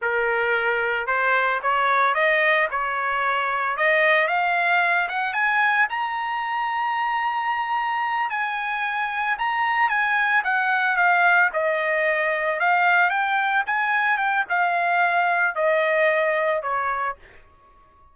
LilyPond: \new Staff \with { instrumentName = "trumpet" } { \time 4/4 \tempo 4 = 112 ais'2 c''4 cis''4 | dis''4 cis''2 dis''4 | f''4. fis''8 gis''4 ais''4~ | ais''2.~ ais''8 gis''8~ |
gis''4. ais''4 gis''4 fis''8~ | fis''8 f''4 dis''2 f''8~ | f''8 g''4 gis''4 g''8 f''4~ | f''4 dis''2 cis''4 | }